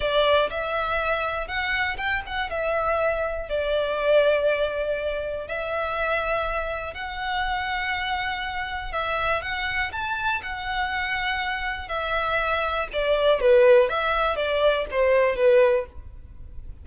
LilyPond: \new Staff \with { instrumentName = "violin" } { \time 4/4 \tempo 4 = 121 d''4 e''2 fis''4 | g''8 fis''8 e''2 d''4~ | d''2. e''4~ | e''2 fis''2~ |
fis''2 e''4 fis''4 | a''4 fis''2. | e''2 d''4 b'4 | e''4 d''4 c''4 b'4 | }